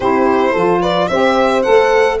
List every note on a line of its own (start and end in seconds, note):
0.00 0.54 C4
0.00 0.55 E4
0.00 0.51 G4
0.00 0.81 C5
0.51 1.09 F3
0.51 1.10 F4
0.51 0.79 A4
0.80 1.08 B4
0.80 1.07 D5
1.07 1.65 C4
1.07 1.62 G4
1.07 2.20 C5
1.07 1.62 E5
1.62 2.20 A3
1.62 2.18 A4
1.62 2.17 F#5